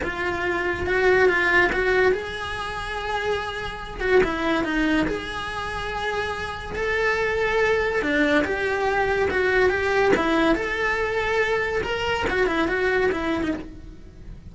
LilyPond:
\new Staff \with { instrumentName = "cello" } { \time 4/4 \tempo 4 = 142 f'2 fis'4 f'4 | fis'4 gis'2.~ | gis'4. fis'8 e'4 dis'4 | gis'1 |
a'2. d'4 | g'2 fis'4 g'4 | e'4 a'2. | ais'4 fis'8 e'8 fis'4 e'8. dis'16 | }